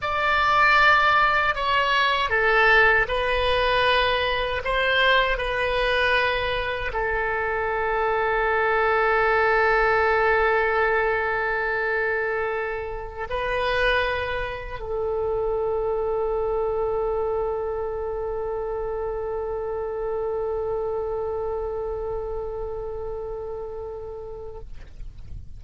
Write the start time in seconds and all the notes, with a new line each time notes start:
0.01 D5
1.55 C#5
2.29 A4
3.08 B4
4.64 C5
5.37 B4
6.93 A4
13.29 B4
14.79 A4